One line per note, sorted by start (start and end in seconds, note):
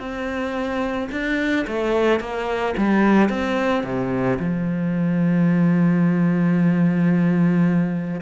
0.00 1.09 C4
1.12 1.67 D4
1.67 2.20 A3
2.20 2.75 A#3
2.77 3.29 G3
3.29 3.84 C4
3.84 4.38 C3
4.39 8.21 F3